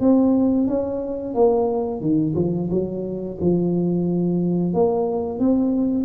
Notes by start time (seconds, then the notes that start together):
0.00 C4
0.67 C#4
1.34 A#3
2.01 D#3
2.35 F3
2.70 F#3
3.41 F3
4.73 A#3
5.39 C4